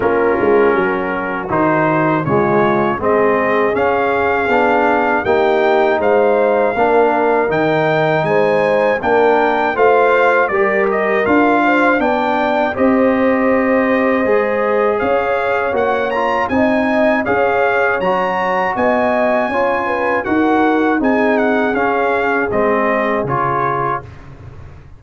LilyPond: <<
  \new Staff \with { instrumentName = "trumpet" } { \time 4/4 \tempo 4 = 80 ais'2 c''4 cis''4 | dis''4 f''2 g''4 | f''2 g''4 gis''4 | g''4 f''4 d''8 dis''8 f''4 |
g''4 dis''2. | f''4 fis''8 ais''8 gis''4 f''4 | ais''4 gis''2 fis''4 | gis''8 fis''8 f''4 dis''4 cis''4 | }
  \new Staff \with { instrumentName = "horn" } { \time 4/4 f'4 fis'2 f'4 | gis'2. g'4 | c''4 ais'2 c''4 | ais'4 c''4 ais'4. c''8 |
d''4 c''2. | cis''2 dis''4 cis''4~ | cis''4 dis''4 cis''8 b'8 ais'4 | gis'1 | }
  \new Staff \with { instrumentName = "trombone" } { \time 4/4 cis'2 dis'4 gis4 | c'4 cis'4 d'4 dis'4~ | dis'4 d'4 dis'2 | d'4 f'4 g'4 f'4 |
d'4 g'2 gis'4~ | gis'4 fis'8 f'8 dis'4 gis'4 | fis'2 f'4 fis'4 | dis'4 cis'4 c'4 f'4 | }
  \new Staff \with { instrumentName = "tuba" } { \time 4/4 ais8 gis8 fis4 dis4 cis4 | gis4 cis'4 b4 ais4 | gis4 ais4 dis4 gis4 | ais4 a4 g4 d'4 |
b4 c'2 gis4 | cis'4 ais4 c'4 cis'4 | fis4 b4 cis'4 dis'4 | c'4 cis'4 gis4 cis4 | }
>>